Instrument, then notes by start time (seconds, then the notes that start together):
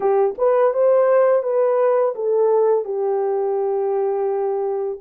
horn
0.00 G4
0.37 B4
0.73 C5
1.43 B4
2.15 A4
2.84 G4